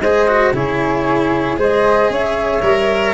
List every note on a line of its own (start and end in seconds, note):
0.00 0.52 G#3
0.00 0.28 G#4
0.00 0.54 C5
0.00 0.53 D#5
0.28 0.54 F#4
0.53 1.57 C#3
0.53 1.57 E4
0.53 1.59 G#4
0.53 1.59 C#5
1.57 2.10 G#3
1.57 2.61 G#4
1.57 2.11 C5
1.57 2.13 D#5
2.10 2.62 C#4
2.10 3.14 C#5
2.10 3.14 E5
2.62 3.14 G3
2.62 3.14 A#4